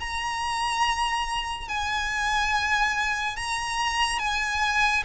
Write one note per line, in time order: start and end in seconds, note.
0.00 1.69 A#5
1.69 3.37 G#5
3.37 4.19 A#5
4.19 5.04 G#5